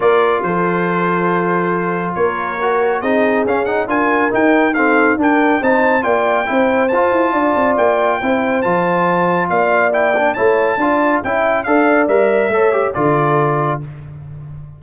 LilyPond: <<
  \new Staff \with { instrumentName = "trumpet" } { \time 4/4 \tempo 4 = 139 d''4 c''2.~ | c''4 cis''2 dis''4 | f''8 fis''8 gis''4 g''4 f''4 | g''4 a''4 g''2 |
a''2 g''2 | a''2 f''4 g''4 | a''2 g''4 f''4 | e''2 d''2 | }
  \new Staff \with { instrumentName = "horn" } { \time 4/4 ais'4 a'2.~ | a'4 ais'2 gis'4~ | gis'4 ais'2 a'4 | ais'4 c''4 d''4 c''4~ |
c''4 d''2 c''4~ | c''2 d''2 | cis''4 d''4 e''4 d''4~ | d''4 cis''4 a'2 | }
  \new Staff \with { instrumentName = "trombone" } { \time 4/4 f'1~ | f'2 fis'4 dis'4 | cis'8 dis'8 f'4 dis'4 c'4 | d'4 dis'4 f'4 e'4 |
f'2. e'4 | f'2. e'8 d'8 | e'4 f'4 e'4 a'4 | ais'4 a'8 g'8 f'2 | }
  \new Staff \with { instrumentName = "tuba" } { \time 4/4 ais4 f2.~ | f4 ais2 c'4 | cis'4 d'4 dis'2 | d'4 c'4 ais4 c'4 |
f'8 e'8 d'8 c'8 ais4 c'4 | f2 ais2 | a4 d'4 cis'4 d'4 | g4 a4 d2 | }
>>